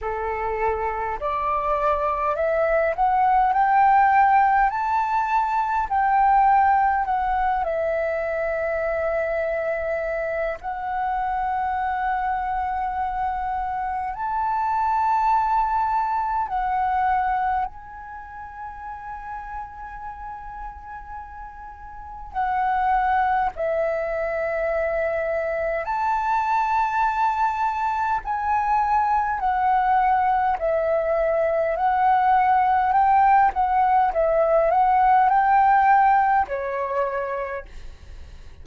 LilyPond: \new Staff \with { instrumentName = "flute" } { \time 4/4 \tempo 4 = 51 a'4 d''4 e''8 fis''8 g''4 | a''4 g''4 fis''8 e''4.~ | e''4 fis''2. | a''2 fis''4 gis''4~ |
gis''2. fis''4 | e''2 a''2 | gis''4 fis''4 e''4 fis''4 | g''8 fis''8 e''8 fis''8 g''4 cis''4 | }